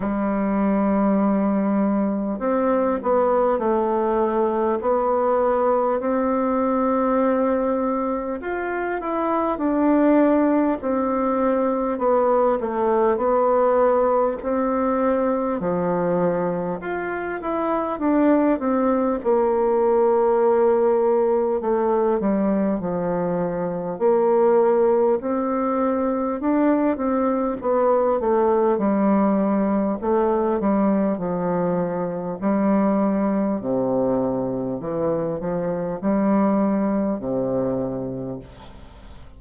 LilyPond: \new Staff \with { instrumentName = "bassoon" } { \time 4/4 \tempo 4 = 50 g2 c'8 b8 a4 | b4 c'2 f'8 e'8 | d'4 c'4 b8 a8 b4 | c'4 f4 f'8 e'8 d'8 c'8 |
ais2 a8 g8 f4 | ais4 c'4 d'8 c'8 b8 a8 | g4 a8 g8 f4 g4 | c4 e8 f8 g4 c4 | }